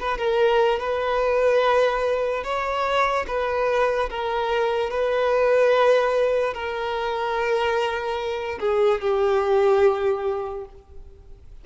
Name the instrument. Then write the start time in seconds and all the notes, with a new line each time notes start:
violin
0.00 B4
0.18 A#4
0.80 B4
2.44 C#5
3.28 B4
4.10 A#4
4.91 B4
6.54 A#4
8.60 G#4
9.01 G4